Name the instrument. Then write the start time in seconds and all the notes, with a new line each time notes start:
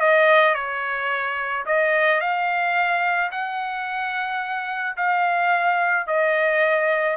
trumpet
0.00 D#5
0.54 C#5
1.66 D#5
2.20 F5
3.31 F#5
4.97 F5
6.07 D#5